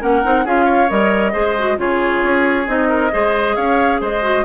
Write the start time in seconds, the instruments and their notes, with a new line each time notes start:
0.00 bassoon A#3, clarinet C#4, oboe A#4, flute F#5
0.23 bassoon C4, clarinet D#4
0.44 bassoon C#4, clarinet F4, oboe G#4, flute F5
0.65 oboe C#5
0.88 bassoon G3, clarinet A#4, flute D#5
1.32 bassoon G#3, clarinet G#4, oboe C5
1.58 clarinet F#4
1.77 bassoon C#3, clarinet F4, oboe G#4, flute C#5
2.23 bassoon C#4
2.66 bassoon C4, clarinet D#4, flute D#5
2.89 oboe A#4
3.11 bassoon G#3, clarinet G#4, oboe C5
3.56 bassoon C#4, oboe C#5, flute F5
4.00 bassoon G#3, oboe C5, flute D#5
4.21 clarinet F#4